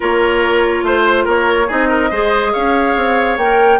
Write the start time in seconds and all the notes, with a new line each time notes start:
0.00 A#3 F4 A#4 C#5
0.82 A3 C5
1.24 A#3 A#4 C#5
1.67 C4 D#4 G#4 D#5
1.89 A#4
2.10 G#3 G#4 C5
2.52 C#4 C#5 F5
2.96 C4
3.37 A#3 A#4 G5